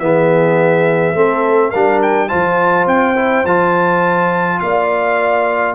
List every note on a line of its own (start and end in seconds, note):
0.00 1.14 E3
0.00 1.15 B3
0.00 1.17 G#4
0.00 1.71 E5
1.14 1.71 A3
1.14 1.73 C4
1.14 1.70 A4
1.70 2.32 G3
1.70 2.29 D4
1.70 2.28 A#4
1.70 2.00 F5
2.03 2.29 G5
2.29 2.87 F3
2.29 3.15 F4
2.29 4.60 C5
2.29 2.87 A5
2.87 3.44 C4
2.87 3.46 G5
3.16 3.45 E4
3.45 4.60 F3
3.45 5.76 F4
3.45 4.60 A5
4.60 5.76 A#3
4.60 5.76 D5
4.60 5.76 F5